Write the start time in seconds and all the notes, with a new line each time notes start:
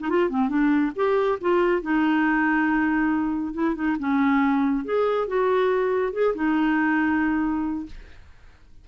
0.00 D#4
0.09 F4
0.29 C4
0.49 D4
0.96 G4
1.40 F4
1.82 D#4
3.53 E4
3.75 D#4
3.99 C#4
4.85 G#4
5.28 F#4
6.13 G#4
6.35 D#4